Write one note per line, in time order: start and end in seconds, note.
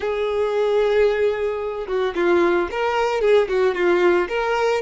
0.00 1.87 G#4
1.87 2.14 F#4
2.15 2.68 F4
2.71 3.21 A#4
3.21 3.48 G#4
3.48 3.74 F#4
3.74 4.28 F4
4.28 4.81 A#4